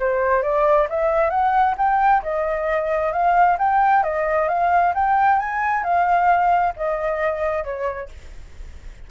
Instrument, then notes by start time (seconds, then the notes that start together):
flute
0.00 C5
0.43 D5
0.90 E5
1.30 F#5
1.78 G5
2.23 D#5
3.13 F5
3.59 G5
4.04 D#5
4.49 F5
4.95 G5
5.40 G#5
5.84 F5
6.77 D#5
7.64 C#5